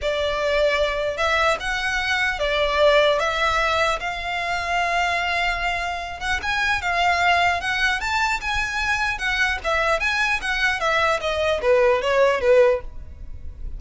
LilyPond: \new Staff \with { instrumentName = "violin" } { \time 4/4 \tempo 4 = 150 d''2. e''4 | fis''2 d''2 | e''2 f''2~ | f''2.~ f''8 fis''8 |
gis''4 f''2 fis''4 | a''4 gis''2 fis''4 | e''4 gis''4 fis''4 e''4 | dis''4 b'4 cis''4 b'4 | }